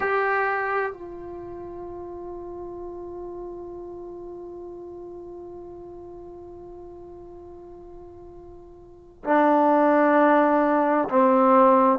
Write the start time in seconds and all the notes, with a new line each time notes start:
0.00 G4
0.92 F4
9.24 D4
11.09 C4